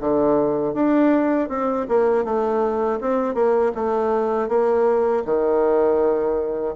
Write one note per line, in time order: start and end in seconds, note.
0.00 0.74 D3
0.74 1.49 D4
1.49 1.86 C4
1.88 2.24 A#3
2.24 2.99 A3
3.00 3.34 C4
3.34 3.72 A#3
3.74 4.48 A3
4.48 5.23 A#3
5.25 6.75 D#3